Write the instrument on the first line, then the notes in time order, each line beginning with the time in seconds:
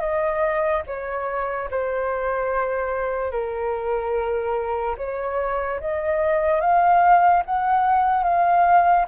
flute
0.00 D#5
0.87 C#5
1.70 C5
3.31 A#4
4.97 C#5
5.80 D#5
6.61 F5
7.45 F#5
8.23 F5